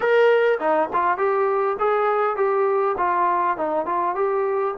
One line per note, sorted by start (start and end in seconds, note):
0.00 0.59 A#4
0.59 0.89 D#4
0.93 1.17 F4
1.17 1.77 G4
1.79 2.36 G#4
2.36 2.95 G4
2.97 3.57 F4
3.57 3.85 D#4
3.85 4.15 F4
4.15 4.74 G4